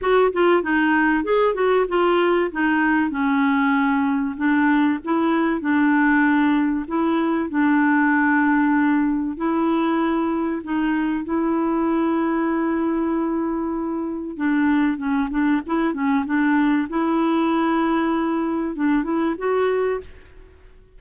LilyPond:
\new Staff \with { instrumentName = "clarinet" } { \time 4/4 \tempo 4 = 96 fis'8 f'8 dis'4 gis'8 fis'8 f'4 | dis'4 cis'2 d'4 | e'4 d'2 e'4 | d'2. e'4~ |
e'4 dis'4 e'2~ | e'2. d'4 | cis'8 d'8 e'8 cis'8 d'4 e'4~ | e'2 d'8 e'8 fis'4 | }